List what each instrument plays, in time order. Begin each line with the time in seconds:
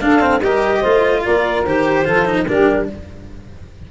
0.00 cello D4, tuba D4, saxophone A4, clarinet F5
0.20 cello C4
0.40 tuba G3, cello G4, saxophone A#4, clarinet D#5
0.80 tuba A3, cello F4, saxophone C5
1.25 tuba A#3, saxophone A#4, clarinet D5
1.66 tuba D#3, cello G4, clarinet C5
2.05 tuba F3, cello F4, saxophone A4
2.26 cello D#4
2.47 tuba G3, cello D4, saxophone G4, clarinet A#4